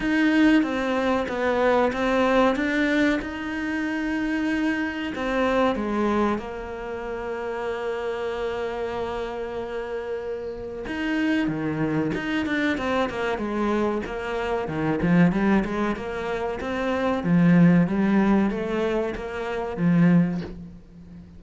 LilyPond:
\new Staff \with { instrumentName = "cello" } { \time 4/4 \tempo 4 = 94 dis'4 c'4 b4 c'4 | d'4 dis'2. | c'4 gis4 ais2~ | ais1~ |
ais4 dis'4 dis4 dis'8 d'8 | c'8 ais8 gis4 ais4 dis8 f8 | g8 gis8 ais4 c'4 f4 | g4 a4 ais4 f4 | }